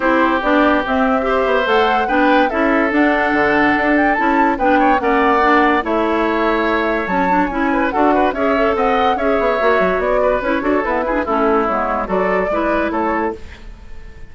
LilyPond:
<<
  \new Staff \with { instrumentName = "flute" } { \time 4/4 \tempo 4 = 144 c''4 d''4 e''2 | fis''4 g''4 e''4 fis''4~ | fis''4. g''8 a''4 g''4 | fis''2 e''2~ |
e''4 a''4 gis''4 fis''4 | e''4 fis''4 e''2 | d''4 cis''4 b'4 a'4 | cis''4 d''2 cis''4 | }
  \new Staff \with { instrumentName = "oboe" } { \time 4/4 g'2. c''4~ | c''4 b'4 a'2~ | a'2. b'8 cis''8 | d''2 cis''2~ |
cis''2~ cis''8 b'8 a'8 b'8 | cis''4 dis''4 cis''2~ | cis''8 b'4 a'4 gis'8 e'4~ | e'4 a'4 b'4 a'4 | }
  \new Staff \with { instrumentName = "clarinet" } { \time 4/4 e'4 d'4 c'4 g'4 | a'4 d'4 e'4 d'4~ | d'2 e'4 d'4 | cis'4 d'4 e'2~ |
e'4 cis'8 d'8 e'4 fis'4 | gis'8 a'4. gis'4 fis'4~ | fis'4 e'8 fis'8 b8 e'16 d'16 cis'4 | b4 fis'4 e'2 | }
  \new Staff \with { instrumentName = "bassoon" } { \time 4/4 c'4 b4 c'4. b8 | a4 b4 cis'4 d'4 | d4 d'4 cis'4 b4 | ais2 a2~ |
a4 fis4 cis'4 d'4 | cis'4 c'4 cis'8 b8 ais8 fis8 | b4 cis'8 d'8 e'4 a4 | gis4 fis4 gis4 a4 | }
>>